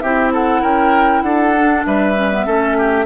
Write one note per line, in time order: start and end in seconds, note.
0.00 0.63 C4
0.00 1.57 E4
0.00 0.33 G4
0.00 0.31 E5
0.33 0.62 A4
0.33 0.64 F#5
0.62 1.23 C#4
0.62 1.23 A#4
0.62 1.23 G5
1.23 1.84 D4
1.23 1.87 A4
1.23 1.84 F#5
1.57 2.15 D4
1.86 2.47 G3
1.86 2.47 B4
1.86 3.06 E5
2.15 2.31 C#4
2.31 2.47 B3
2.47 3.06 A3
2.47 3.06 C#4
2.47 2.77 A4
2.78 3.06 G4